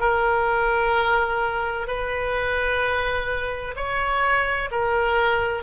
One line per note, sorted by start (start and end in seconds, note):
0.00 1.87 A#4
1.87 3.75 B4
3.76 4.70 C#5
4.71 5.63 A#4